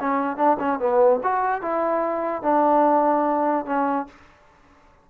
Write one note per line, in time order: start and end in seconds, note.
0.00 0.37 C#4
0.37 0.57 D4
0.59 0.79 C#4
0.79 1.20 B3
1.23 1.61 F#4
1.61 2.42 E4
2.42 3.66 D4
3.66 4.07 C#4